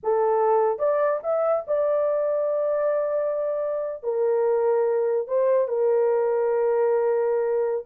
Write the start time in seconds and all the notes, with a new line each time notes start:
0.03 A4
0.78 D5
1.23 E5
1.67 D5
4.03 A#4
5.27 C5
5.67 A#4